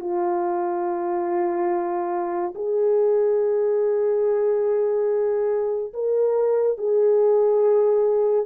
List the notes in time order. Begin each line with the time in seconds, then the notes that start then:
0.00 F4
2.55 G#4
5.93 A#4
6.78 G#4